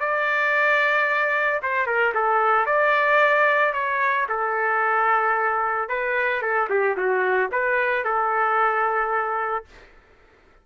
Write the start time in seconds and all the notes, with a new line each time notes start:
0.00 D5
1.62 C5
1.87 A#4
2.15 A4
2.66 D5
3.74 C#5
4.29 A4
5.89 B4
6.42 A4
6.70 G4
6.97 F#4
7.52 B4
8.05 A4